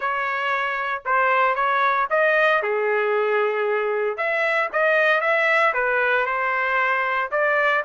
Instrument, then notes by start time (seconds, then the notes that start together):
trumpet
0.00 C#5
1.05 C5
1.55 C#5
2.10 D#5
2.62 G#4
4.17 E5
4.72 D#5
5.20 E5
5.73 B4
6.25 C5
7.31 D5